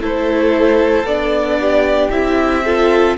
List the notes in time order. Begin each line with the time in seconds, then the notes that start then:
0.00 A3 E4 A4 C5
1.04 B3 D4 D5
1.61 G4
2.11 C4 E4 E5
2.64 F4 A4